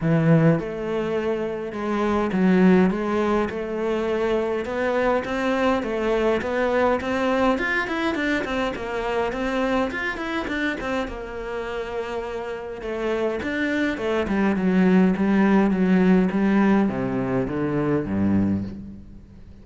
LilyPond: \new Staff \with { instrumentName = "cello" } { \time 4/4 \tempo 4 = 103 e4 a2 gis4 | fis4 gis4 a2 | b4 c'4 a4 b4 | c'4 f'8 e'8 d'8 c'8 ais4 |
c'4 f'8 e'8 d'8 c'8 ais4~ | ais2 a4 d'4 | a8 g8 fis4 g4 fis4 | g4 c4 d4 g,4 | }